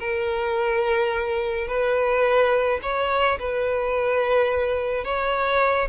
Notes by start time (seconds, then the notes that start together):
0.00 A#4
1.68 B4
2.83 C#5
3.40 B4
5.04 C#5